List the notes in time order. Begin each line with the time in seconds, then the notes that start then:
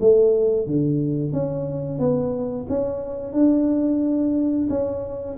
0.00 A3
0.66 D3
1.32 C#4
1.99 B3
2.69 C#4
3.33 D4
4.69 C#4